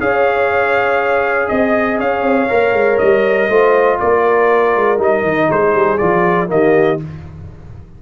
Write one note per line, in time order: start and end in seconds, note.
0.00 1.50 C#4
0.00 2.49 G#4
0.00 1.49 C#5
0.00 1.49 F5
1.49 2.00 C4
1.49 1.99 D#5
1.99 2.22 C#4
1.99 3.49 C#5
1.99 2.99 F5
2.22 2.47 C4
2.49 2.73 A#3
2.49 3.49 A#4
2.73 2.98 G#3
2.99 3.49 G3
2.99 3.99 D#5
3.49 3.99 A3
3.49 4.98 F4
3.49 4.00 C5
4.00 4.76 A#3
4.00 5.49 A#4
4.00 5.00 D5
4.76 4.99 G#3
4.98 5.23 G3
4.98 5.98 D#4
4.98 5.51 D#5
5.23 5.48 D#3
5.49 5.75 G#3
5.49 6.49 G#4
5.49 5.98 C5
5.75 6.00 G3
5.98 6.50 F3
5.98 6.47 F4
5.98 6.48 D5
6.47 7.00 D#3
6.47 6.97 A#3
6.47 7.03 G4
6.47 7.01 D#5